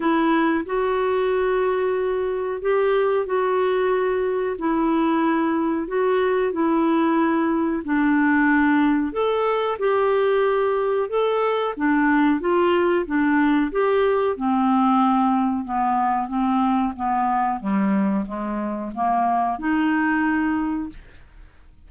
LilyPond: \new Staff \with { instrumentName = "clarinet" } { \time 4/4 \tempo 4 = 92 e'4 fis'2. | g'4 fis'2 e'4~ | e'4 fis'4 e'2 | d'2 a'4 g'4~ |
g'4 a'4 d'4 f'4 | d'4 g'4 c'2 | b4 c'4 b4 g4 | gis4 ais4 dis'2 | }